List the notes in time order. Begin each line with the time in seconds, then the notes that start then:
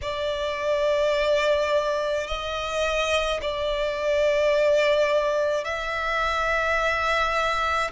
0.01 D5
2.26 D#5
3.41 D5
5.64 E5